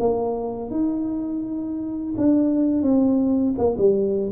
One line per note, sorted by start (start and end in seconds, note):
0.00 0.71 A#3
0.71 2.15 D#4
2.18 2.83 D4
2.83 3.55 C4
3.58 3.77 A#3
3.78 4.32 G3